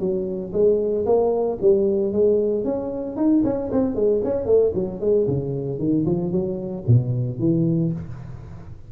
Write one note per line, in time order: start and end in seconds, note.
0.00 0.53 F#3
0.53 1.06 G#3
1.06 1.59 A#3
1.62 2.13 G3
2.13 2.65 G#3
2.65 3.17 C#4
3.17 3.43 D#4
3.45 3.71 C#4
3.72 3.96 C4
3.96 4.22 G#3
4.25 4.46 C#4
4.46 4.72 A3
4.75 5.01 F#3
5.01 5.27 G#3
5.28 5.79 C#3
5.79 6.06 D#3
6.06 6.32 F3
6.32 6.85 F#3
6.88 7.40 B2
7.40 7.92 E3